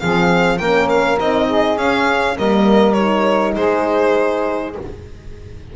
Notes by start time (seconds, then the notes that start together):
0.00 F3 C4 G#4 F5
0.58 A#3 C#4 A#4 G5
0.89 F5
1.19 C4 D#4 D#5
1.47 G#4
1.77 C#4 F5
2.37 G3 A#3 A#4 D#5
2.93 D#4 C#5
3.56 G#3 G#4 C5